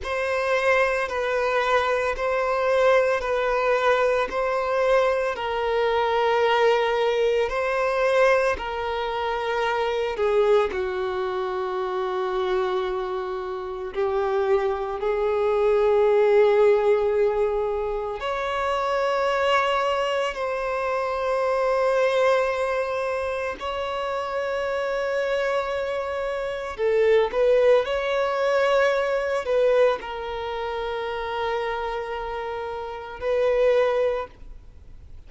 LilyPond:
\new Staff \with { instrumentName = "violin" } { \time 4/4 \tempo 4 = 56 c''4 b'4 c''4 b'4 | c''4 ais'2 c''4 | ais'4. gis'8 fis'2~ | fis'4 g'4 gis'2~ |
gis'4 cis''2 c''4~ | c''2 cis''2~ | cis''4 a'8 b'8 cis''4. b'8 | ais'2. b'4 | }